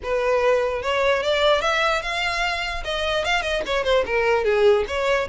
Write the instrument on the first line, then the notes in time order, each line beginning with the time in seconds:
violin
0.03 B4
0.82 C#5
1.23 D5
1.61 E5
2.02 F5
2.84 D#5
3.25 F5
3.41 D#5
3.66 C#5
3.84 C5
4.06 A#4
4.44 G#4
4.87 C#5